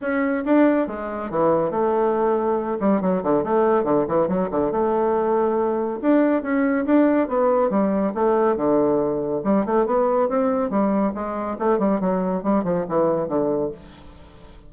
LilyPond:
\new Staff \with { instrumentName = "bassoon" } { \time 4/4 \tempo 4 = 140 cis'4 d'4 gis4 e4 | a2~ a8 g8 fis8 d8 | a4 d8 e8 fis8 d8 a4~ | a2 d'4 cis'4 |
d'4 b4 g4 a4 | d2 g8 a8 b4 | c'4 g4 gis4 a8 g8 | fis4 g8 f8 e4 d4 | }